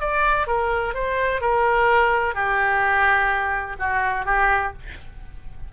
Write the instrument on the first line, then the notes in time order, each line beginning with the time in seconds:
oboe
0.00 D5
0.47 A#4
0.94 C5
1.41 A#4
2.34 G4
3.79 F#4
4.25 G4